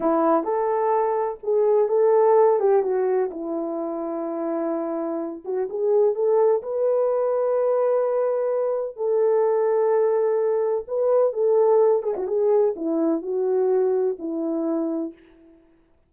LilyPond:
\new Staff \with { instrumentName = "horn" } { \time 4/4 \tempo 4 = 127 e'4 a'2 gis'4 | a'4. g'8 fis'4 e'4~ | e'2.~ e'8 fis'8 | gis'4 a'4 b'2~ |
b'2. a'4~ | a'2. b'4 | a'4. gis'16 fis'16 gis'4 e'4 | fis'2 e'2 | }